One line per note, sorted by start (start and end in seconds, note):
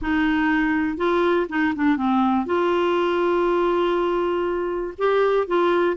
0.01 0.97 D#4
0.97 1.46 F4
1.49 1.74 D#4
1.75 1.96 D4
1.96 2.46 C4
2.46 4.94 F4
4.97 5.47 G4
5.47 5.96 F4